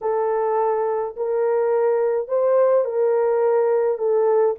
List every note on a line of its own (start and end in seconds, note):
0.01 1.15 A4
1.16 2.28 A#4
2.28 2.84 C5
2.84 3.98 A#4
3.98 4.55 A4